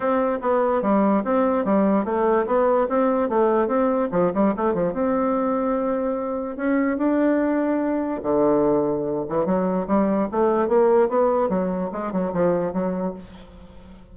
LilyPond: \new Staff \with { instrumentName = "bassoon" } { \time 4/4 \tempo 4 = 146 c'4 b4 g4 c'4 | g4 a4 b4 c'4 | a4 c'4 f8 g8 a8 f8 | c'1 |
cis'4 d'2. | d2~ d8 e8 fis4 | g4 a4 ais4 b4 | fis4 gis8 fis8 f4 fis4 | }